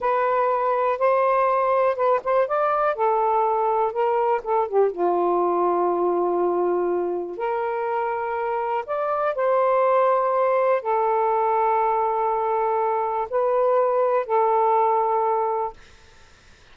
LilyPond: \new Staff \with { instrumentName = "saxophone" } { \time 4/4 \tempo 4 = 122 b'2 c''2 | b'8 c''8 d''4 a'2 | ais'4 a'8 g'8 f'2~ | f'2. ais'4~ |
ais'2 d''4 c''4~ | c''2 a'2~ | a'2. b'4~ | b'4 a'2. | }